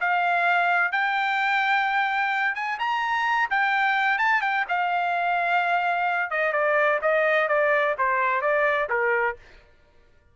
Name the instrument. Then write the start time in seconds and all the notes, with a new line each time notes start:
trumpet
0.00 F5
0.92 G5
2.55 G#5
2.79 A#5
3.50 G5
4.18 A5
4.41 G5
4.69 F5
6.30 D#5
6.52 D5
7.02 D#5
7.48 D5
7.98 C5
8.41 D5
8.89 A#4